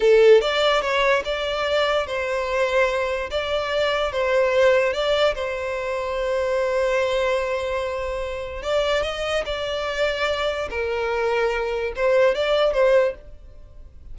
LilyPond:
\new Staff \with { instrumentName = "violin" } { \time 4/4 \tempo 4 = 146 a'4 d''4 cis''4 d''4~ | d''4 c''2. | d''2 c''2 | d''4 c''2.~ |
c''1~ | c''4 d''4 dis''4 d''4~ | d''2 ais'2~ | ais'4 c''4 d''4 c''4 | }